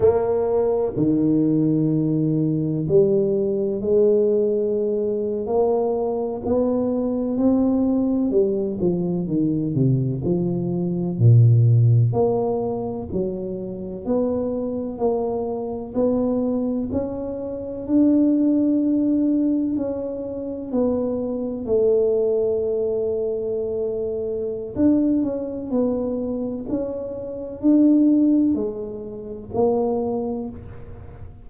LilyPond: \new Staff \with { instrumentName = "tuba" } { \time 4/4 \tempo 4 = 63 ais4 dis2 g4 | gis4.~ gis16 ais4 b4 c'16~ | c'8. g8 f8 dis8 c8 f4 ais,16~ | ais,8. ais4 fis4 b4 ais16~ |
ais8. b4 cis'4 d'4~ d'16~ | d'8. cis'4 b4 a4~ a16~ | a2 d'8 cis'8 b4 | cis'4 d'4 gis4 ais4 | }